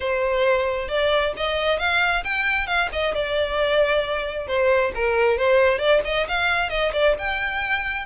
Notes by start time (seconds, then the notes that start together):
0.00 C5
0.88 D5
1.37 D#5
1.78 F5
2.23 G5
2.66 F5
2.92 D#5
3.14 D5
4.47 C5
4.94 A#4
5.37 C5
5.78 D5
6.04 D#5
6.28 F5
6.69 D#5
6.92 D5
7.18 G5